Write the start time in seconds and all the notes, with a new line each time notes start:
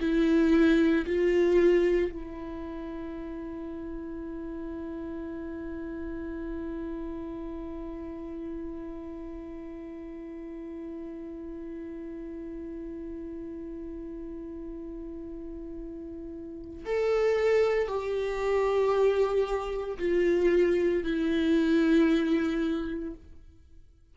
0.00 E4
1.06 F4
2.12 E4
16.85 A4
17.88 G4
19.99 F4
21.03 E4